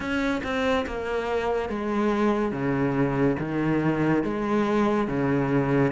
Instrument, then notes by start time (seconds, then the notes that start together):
cello
0.00 C#4
0.43 C4
0.86 A#3
1.69 G#3
2.52 C#3
3.38 D#3
4.23 G#3
5.07 C#3